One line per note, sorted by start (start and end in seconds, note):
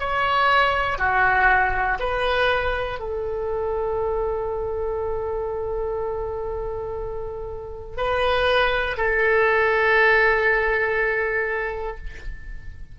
0.00 0.98 C#5
0.98 1.98 F#4
2.00 3.00 B4
3.00 7.97 A4
7.97 8.97 B4
8.97 11.97 A4